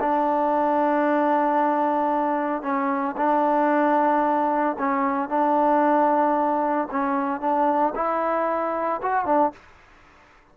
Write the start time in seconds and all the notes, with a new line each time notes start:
0.00 D4
2.62 C#4
3.17 D4
4.79 C#4
5.29 D4
6.91 C#4
7.40 D4
7.95 E4
9.02 F#4
9.26 D4